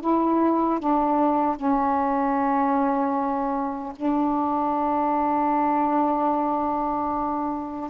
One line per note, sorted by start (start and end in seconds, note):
0.00 0.79 E4
0.79 1.56 D4
1.56 3.93 C#4
3.96 7.90 D4